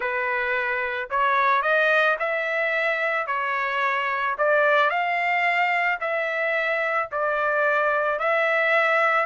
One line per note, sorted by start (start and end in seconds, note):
0.00 1.09 B4
1.10 1.62 C#5
1.62 2.16 D#5
2.19 3.26 E5
3.26 4.35 C#5
4.38 4.89 D5
4.89 5.99 F5
6.00 7.09 E5
7.11 8.19 D5
8.19 9.26 E5